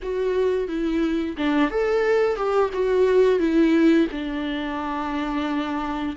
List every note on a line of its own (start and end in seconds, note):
0.02 0.68 F#4
0.68 1.36 E4
1.37 1.70 D4
1.70 2.36 A4
2.36 2.70 G4
2.73 3.39 F#4
3.39 4.07 E4
4.11 6.15 D4